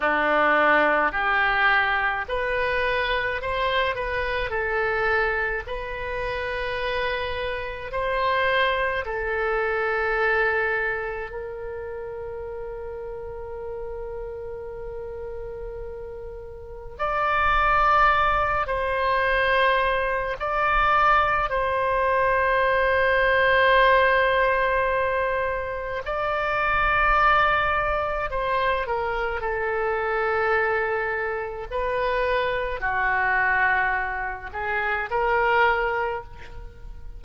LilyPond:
\new Staff \with { instrumentName = "oboe" } { \time 4/4 \tempo 4 = 53 d'4 g'4 b'4 c''8 b'8 | a'4 b'2 c''4 | a'2 ais'2~ | ais'2. d''4~ |
d''8 c''4. d''4 c''4~ | c''2. d''4~ | d''4 c''8 ais'8 a'2 | b'4 fis'4. gis'8 ais'4 | }